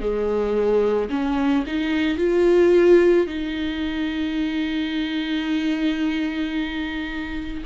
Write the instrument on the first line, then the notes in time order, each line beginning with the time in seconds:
viola
0.00 G#3
1.10 C#4
1.67 D#4
2.18 F4
3.27 D#4